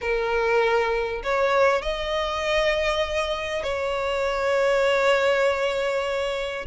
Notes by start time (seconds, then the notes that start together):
0.01 A#4
1.23 C#5
1.82 D#5
3.63 C#5